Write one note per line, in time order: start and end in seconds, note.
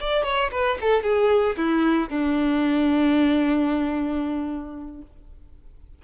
0.00 0.24 D5
0.24 0.51 C#5
0.52 0.78 B4
0.82 1.04 A4
1.04 1.57 G#4
1.58 2.10 E4
2.10 5.02 D4